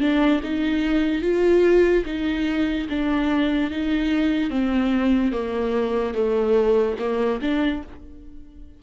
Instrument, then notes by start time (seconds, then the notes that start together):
viola
0.00 D4
0.43 D#4
1.22 F4
2.05 D#4
2.89 D4
3.71 D#4
4.50 C4
5.32 A#3
6.14 A3
6.99 A#3
7.42 D4